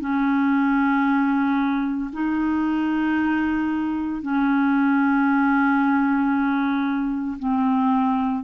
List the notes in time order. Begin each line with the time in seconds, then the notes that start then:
0.00 C#4
2.13 D#4
4.22 C#4
7.39 C4